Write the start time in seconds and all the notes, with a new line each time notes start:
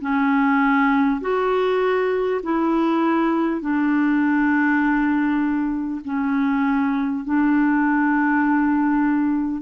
0.00 C#4
1.21 F#4
2.43 E4
3.61 D4
6.04 C#4
7.24 D4